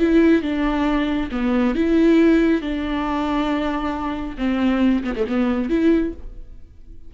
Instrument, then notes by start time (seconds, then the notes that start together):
viola
0.00 E4
0.43 D4
1.32 B3
1.75 E4
2.62 D4
4.38 C4
5.04 B3
5.16 A3
5.27 B3
5.70 E4